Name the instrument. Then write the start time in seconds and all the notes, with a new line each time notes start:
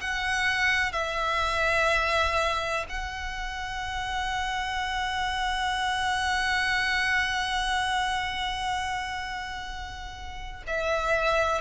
violin
0.00 F#5
0.92 E5
2.89 F#5
10.67 E5